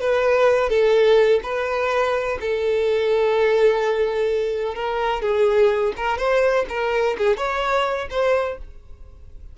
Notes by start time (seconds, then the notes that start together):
0.00 B4
0.69 A4
1.43 B4
2.40 A4
4.75 A#4
5.21 G#4
5.96 A#4
6.18 C5
6.69 A#4
7.18 G#4
7.37 C#5
8.10 C5